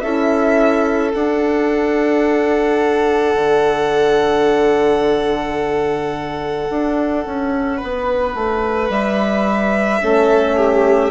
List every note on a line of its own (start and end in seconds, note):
0.00 1.14 C#4
0.00 1.14 E4
0.00 7.77 A4
0.00 1.11 E5
1.14 10.00 D4
1.14 3.35 D4
1.14 8.91 F#5
3.35 6.68 D3
6.70 7.25 D4
7.26 7.81 C#4
7.77 9.99 B4
7.83 8.35 B3
8.35 8.90 A3
8.90 10.01 G3
8.90 11.11 E5
10.00 11.11 A3
10.00 11.11 C#4
10.00 10.56 A4
10.56 11.11 G4